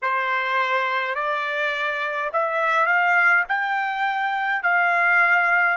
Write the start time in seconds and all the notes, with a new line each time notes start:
0.02 C5
1.14 D5
2.32 E5
2.86 F5
3.48 G5
4.62 F5